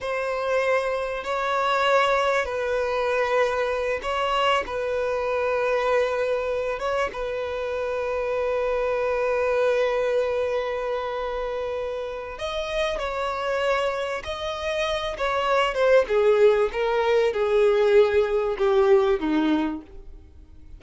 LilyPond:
\new Staff \with { instrumentName = "violin" } { \time 4/4 \tempo 4 = 97 c''2 cis''2 | b'2~ b'8 cis''4 b'8~ | b'2. cis''8 b'8~ | b'1~ |
b'1 | dis''4 cis''2 dis''4~ | dis''8 cis''4 c''8 gis'4 ais'4 | gis'2 g'4 dis'4 | }